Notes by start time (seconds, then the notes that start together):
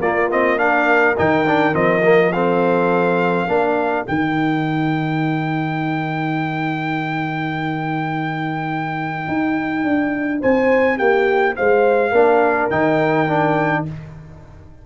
0.00 A#3 F4 D5
0.31 C4 D#5
0.58 D4 A#4 F5
1.18 D#3 D#4 G5
1.47 D4
1.73 F3 C4 D#5
2.03 A#3
2.33 C4 A4 F5
3.48 A#3 D4 A#4
4.05 D#3 D#4 G5
9.28 D#4
9.84 D4
10.41 C4 C5 G#5
10.98 A#3 G4 G5
11.56 G#3 C5 F5
12.12 A#3 D4 A#4
12.70 D#3 D#4 G5
13.28 D4